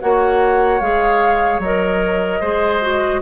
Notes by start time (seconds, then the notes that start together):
0.00 A#3 F#4 C#5 F#5
0.80 G#3 G#4 F5
1.59 F#3 A#4 D#5
2.40 G#3 G#4 C5
2.81 F#4